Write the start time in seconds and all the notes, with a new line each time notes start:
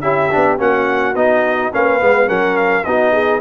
0.00 C#4 E4 G4 E5
0.31 B3 D4
0.58 A#3 C#4 F#4 F#5
1.15 B3 D#4 D#5
1.72 A#3 C#4 B4 F5
2.00 G#3 B3
2.27 F#3 C#4 A#4 F#5
2.56 F5
2.84 B3 D#4 F#4 D#5
3.12 G#4